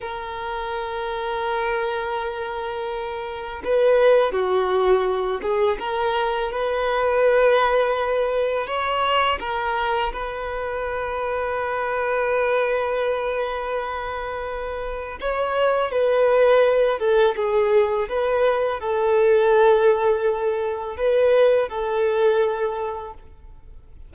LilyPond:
\new Staff \with { instrumentName = "violin" } { \time 4/4 \tempo 4 = 83 ais'1~ | ais'4 b'4 fis'4. gis'8 | ais'4 b'2. | cis''4 ais'4 b'2~ |
b'1~ | b'4 cis''4 b'4. a'8 | gis'4 b'4 a'2~ | a'4 b'4 a'2 | }